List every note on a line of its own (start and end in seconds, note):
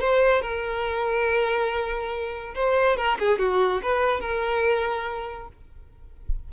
0.00 0.41 C5
0.41 2.54 A#4
2.55 2.97 C5
2.97 3.18 A#4
3.19 3.39 G#4
3.39 3.81 F#4
3.82 4.20 B4
4.20 5.48 A#4